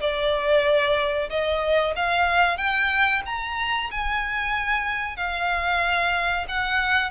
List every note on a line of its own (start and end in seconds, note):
0.00 1.29 D5
1.29 1.94 D#5
1.95 2.57 F5
2.57 3.21 G5
3.25 3.90 A#5
3.91 5.16 G#5
5.16 6.45 F5
6.48 7.10 F#5